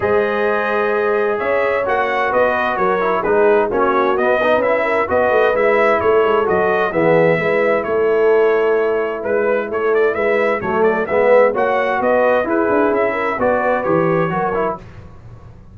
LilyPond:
<<
  \new Staff \with { instrumentName = "trumpet" } { \time 4/4 \tempo 4 = 130 dis''2. e''4 | fis''4 dis''4 cis''4 b'4 | cis''4 dis''4 e''4 dis''4 | e''4 cis''4 dis''4 e''4~ |
e''4 cis''2. | b'4 cis''8 d''8 e''4 cis''8 d''8 | e''4 fis''4 dis''4 b'4 | e''4 d''4 cis''2 | }
  \new Staff \with { instrumentName = "horn" } { \time 4/4 c''2. cis''4~ | cis''4 b'4 ais'4 gis'4 | fis'4. b'4 ais'8 b'4~ | b'4 a'2 gis'4 |
b'4 a'2. | b'4 a'4 b'4 a'4 | b'4 cis''4 b'4 gis'4~ | gis'8 ais'8 b'2 ais'4 | }
  \new Staff \with { instrumentName = "trombone" } { \time 4/4 gis'1 | fis'2~ fis'8 e'8 dis'4 | cis'4 b8 dis'8 e'4 fis'4 | e'2 fis'4 b4 |
e'1~ | e'2. a4 | b4 fis'2 e'4~ | e'4 fis'4 g'4 fis'8 e'8 | }
  \new Staff \with { instrumentName = "tuba" } { \time 4/4 gis2. cis'4 | ais4 b4 fis4 gis4 | ais4 b4 cis'4 b8 a8 | gis4 a8 gis8 fis4 e4 |
gis4 a2. | gis4 a4 gis4 fis4 | gis4 ais4 b4 e'8 d'8 | cis'4 b4 e4 fis4 | }
>>